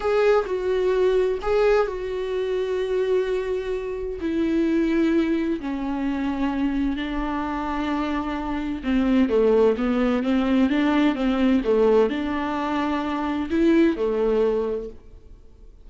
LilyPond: \new Staff \with { instrumentName = "viola" } { \time 4/4 \tempo 4 = 129 gis'4 fis'2 gis'4 | fis'1~ | fis'4 e'2. | cis'2. d'4~ |
d'2. c'4 | a4 b4 c'4 d'4 | c'4 a4 d'2~ | d'4 e'4 a2 | }